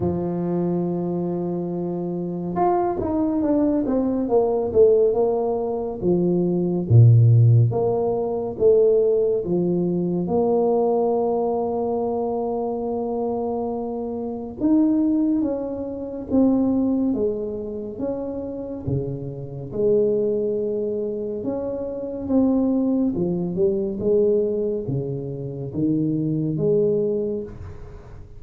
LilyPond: \new Staff \with { instrumentName = "tuba" } { \time 4/4 \tempo 4 = 70 f2. f'8 dis'8 | d'8 c'8 ais8 a8 ais4 f4 | ais,4 ais4 a4 f4 | ais1~ |
ais4 dis'4 cis'4 c'4 | gis4 cis'4 cis4 gis4~ | gis4 cis'4 c'4 f8 g8 | gis4 cis4 dis4 gis4 | }